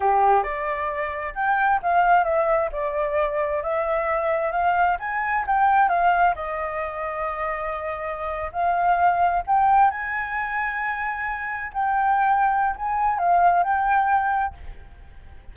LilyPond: \new Staff \with { instrumentName = "flute" } { \time 4/4 \tempo 4 = 132 g'4 d''2 g''4 | f''4 e''4 d''2 | e''2 f''4 gis''4 | g''4 f''4 dis''2~ |
dis''2~ dis''8. f''4~ f''16~ | f''8. g''4 gis''2~ gis''16~ | gis''4.~ gis''16 g''2~ g''16 | gis''4 f''4 g''2 | }